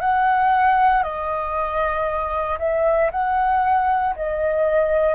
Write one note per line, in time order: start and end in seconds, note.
0.00 1.03 F#5
1.03 2.58 D#5
2.59 3.10 E5
3.11 4.15 F#5
4.16 5.14 D#5